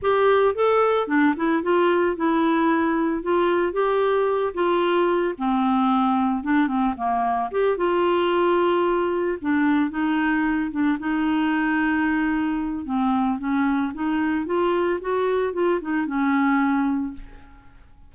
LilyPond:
\new Staff \with { instrumentName = "clarinet" } { \time 4/4 \tempo 4 = 112 g'4 a'4 d'8 e'8 f'4 | e'2 f'4 g'4~ | g'8 f'4. c'2 | d'8 c'8 ais4 g'8 f'4.~ |
f'4. d'4 dis'4. | d'8 dis'2.~ dis'8 | c'4 cis'4 dis'4 f'4 | fis'4 f'8 dis'8 cis'2 | }